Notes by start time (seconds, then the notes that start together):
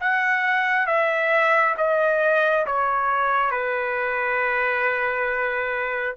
0.00 F#5
0.87 E5
1.77 D#5
2.66 C#5
3.51 B4